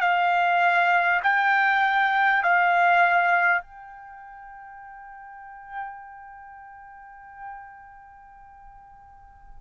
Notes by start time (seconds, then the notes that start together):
0.00 F5
1.23 G5
2.43 F5
3.62 G5